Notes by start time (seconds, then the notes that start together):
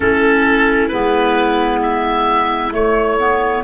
0.00 A3 C#4 E4 A4
0.87 G#3 B3 B4
1.82 E5
2.72 A3 C#5
3.19 B3